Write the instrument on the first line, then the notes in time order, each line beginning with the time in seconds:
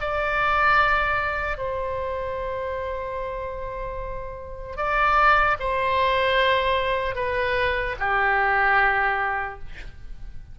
oboe
0.00 D5
1.57 C5
4.76 D5
5.59 C5
7.15 B4
7.99 G4